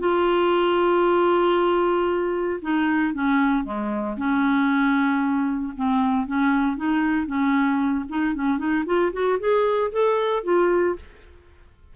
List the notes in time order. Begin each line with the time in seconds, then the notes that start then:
0.00 F4
2.62 D#4
3.14 C#4
3.65 G#3
4.17 C#4
5.77 C4
6.27 C#4
6.77 D#4
7.27 C#4
8.09 D#4
8.35 C#4
8.58 D#4
8.86 F4
9.13 F#4
9.40 G#4
9.92 A4
10.44 F4